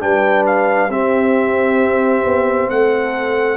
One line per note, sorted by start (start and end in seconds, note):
0.00 0.89 G3
0.00 0.90 D4
0.00 0.91 B4
0.00 0.45 G5
0.46 0.91 F5
0.89 2.23 C4
0.89 3.57 C4
0.89 2.71 G4
0.89 2.70 E5
2.24 2.69 B3
2.70 3.57 A3
2.70 3.57 A4
2.70 3.57 F#5